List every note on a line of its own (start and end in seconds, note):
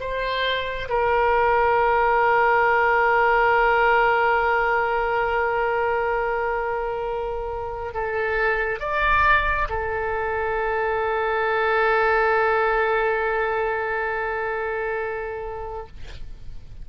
0.00 0.88 C5
0.89 7.94 A#4
7.94 8.80 A4
8.80 9.68 D5
9.69 15.87 A4